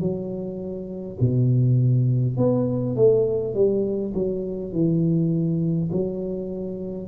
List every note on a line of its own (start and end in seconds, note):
0.00 1.18 F#3
1.20 2.37 B2
2.37 2.96 B3
2.96 3.54 A3
3.54 4.13 G3
4.14 4.73 F#3
4.73 5.90 E3
5.92 7.08 F#3